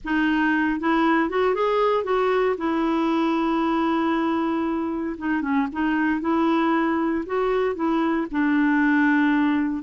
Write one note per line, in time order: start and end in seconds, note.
0.04 0.80 D#4
0.80 1.29 E4
1.29 1.54 F#4
1.54 2.04 G#4
2.04 2.56 F#4
2.57 5.16 E4
5.17 5.41 D#4
5.41 5.67 C#4
5.72 6.21 D#4
6.21 7.24 E4
7.25 7.75 F#4
7.75 8.26 E4
8.31 9.82 D4